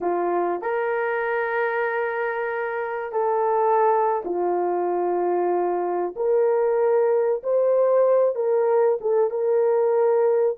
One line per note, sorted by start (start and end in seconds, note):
0.01 0.61 F4
0.61 3.11 A#4
3.11 4.22 A4
4.24 6.14 F4
6.16 7.42 A#4
7.43 8.35 C5
8.35 8.98 A#4
9.00 9.30 A4
9.30 10.56 A#4